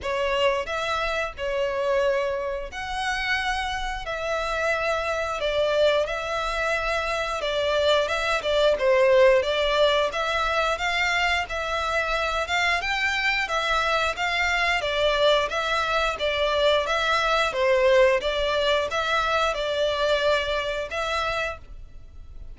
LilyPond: \new Staff \with { instrumentName = "violin" } { \time 4/4 \tempo 4 = 89 cis''4 e''4 cis''2 | fis''2 e''2 | d''4 e''2 d''4 | e''8 d''8 c''4 d''4 e''4 |
f''4 e''4. f''8 g''4 | e''4 f''4 d''4 e''4 | d''4 e''4 c''4 d''4 | e''4 d''2 e''4 | }